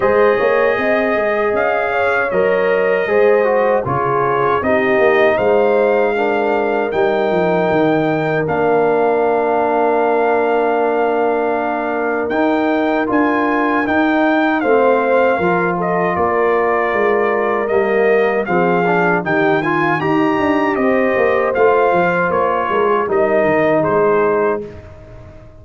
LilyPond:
<<
  \new Staff \with { instrumentName = "trumpet" } { \time 4/4 \tempo 4 = 78 dis''2 f''4 dis''4~ | dis''4 cis''4 dis''4 f''4~ | f''4 g''2 f''4~ | f''1 |
g''4 gis''4 g''4 f''4~ | f''8 dis''8 d''2 dis''4 | f''4 g''8 gis''8 ais''4 dis''4 | f''4 cis''4 dis''4 c''4 | }
  \new Staff \with { instrumentName = "horn" } { \time 4/4 c''8 cis''8 dis''4. cis''4. | c''4 gis'4 g'4 c''4 | ais'1~ | ais'1~ |
ais'2. c''4 | ais'8 a'8 ais'2. | gis'4 g'8 f'8 dis'4 c''4~ | c''4. ais'16 gis'16 ais'4 gis'4 | }
  \new Staff \with { instrumentName = "trombone" } { \time 4/4 gis'2. ais'4 | gis'8 fis'8 f'4 dis'2 | d'4 dis'2 d'4~ | d'1 |
dis'4 f'4 dis'4 c'4 | f'2. ais4 | c'8 d'8 dis'8 f'8 g'2 | f'2 dis'2 | }
  \new Staff \with { instrumentName = "tuba" } { \time 4/4 gis8 ais8 c'8 gis8 cis'4 fis4 | gis4 cis4 c'8 ais8 gis4~ | gis4 g8 f8 dis4 ais4~ | ais1 |
dis'4 d'4 dis'4 a4 | f4 ais4 gis4 g4 | f4 dis4 dis'8 d'8 c'8 ais8 | a8 f8 ais8 gis8 g8 dis8 gis4 | }
>>